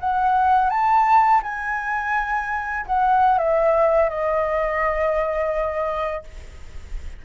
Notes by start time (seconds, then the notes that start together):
0.00 F#5
0.70 A5
1.43 G#5
2.87 F#5
3.39 E5
4.10 D#5